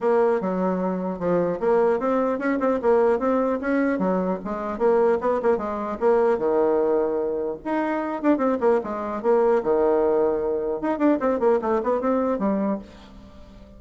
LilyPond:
\new Staff \with { instrumentName = "bassoon" } { \time 4/4 \tempo 4 = 150 ais4 fis2 f4 | ais4 c'4 cis'8 c'8 ais4 | c'4 cis'4 fis4 gis4 | ais4 b8 ais8 gis4 ais4 |
dis2. dis'4~ | dis'8 d'8 c'8 ais8 gis4 ais4 | dis2. dis'8 d'8 | c'8 ais8 a8 b8 c'4 g4 | }